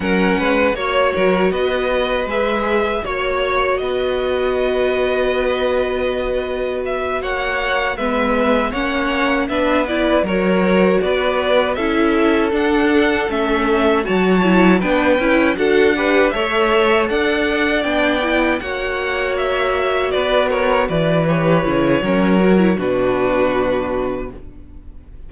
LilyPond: <<
  \new Staff \with { instrumentName = "violin" } { \time 4/4 \tempo 4 = 79 fis''4 cis''4 dis''4 e''4 | cis''4 dis''2.~ | dis''4 e''8 fis''4 e''4 fis''8~ | fis''8 e''8 d''8 cis''4 d''4 e''8~ |
e''8 fis''4 e''4 a''4 g''8~ | g''8 fis''4 e''4 fis''4 g''8~ | g''8 fis''4 e''4 d''8 cis''8 d''8 | cis''2 b'2 | }
  \new Staff \with { instrumentName = "violin" } { \time 4/4 ais'8 b'8 cis''8 ais'8 b'2 | cis''4 b'2.~ | b'4. cis''4 b'4 cis''8~ | cis''8 b'4 ais'4 b'4 a'8~ |
a'2~ a'8 cis''4 b'8~ | b'8 a'8 b'8 cis''4 d''4.~ | d''8 cis''2 b'8 ais'8 b'8~ | b'4 ais'4 fis'2 | }
  \new Staff \with { instrumentName = "viola" } { \time 4/4 cis'4 fis'2 gis'4 | fis'1~ | fis'2~ fis'8 b4 cis'8~ | cis'8 d'8 e'8 fis'2 e'8~ |
e'8 d'4 cis'4 fis'8 e'8 d'8 | e'8 fis'8 g'8 a'2 d'8 | e'8 fis'2.~ fis'8 | g'8 e'8 cis'8 fis'16 e'16 d'2 | }
  \new Staff \with { instrumentName = "cello" } { \time 4/4 fis8 gis8 ais8 fis8 b4 gis4 | ais4 b2.~ | b4. ais4 gis4 ais8~ | ais8 b4 fis4 b4 cis'8~ |
cis'8 d'4 a4 fis4 b8 | cis'8 d'4 a4 d'4 b8~ | b8 ais2 b4 e8~ | e8 cis8 fis4 b,2 | }
>>